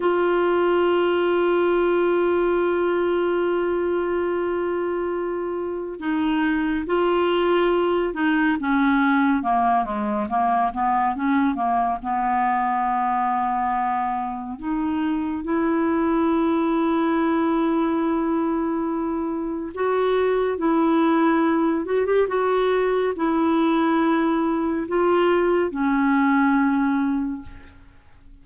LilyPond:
\new Staff \with { instrumentName = "clarinet" } { \time 4/4 \tempo 4 = 70 f'1~ | f'2. dis'4 | f'4. dis'8 cis'4 ais8 gis8 | ais8 b8 cis'8 ais8 b2~ |
b4 dis'4 e'2~ | e'2. fis'4 | e'4. fis'16 g'16 fis'4 e'4~ | e'4 f'4 cis'2 | }